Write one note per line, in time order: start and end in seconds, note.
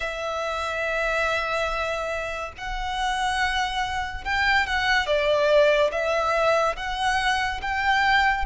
0.00 2.52 E5
2.57 4.24 F#5
4.24 4.66 G5
4.66 5.06 F#5
5.06 5.90 D5
5.91 6.76 E5
6.76 7.61 F#5
7.61 8.45 G5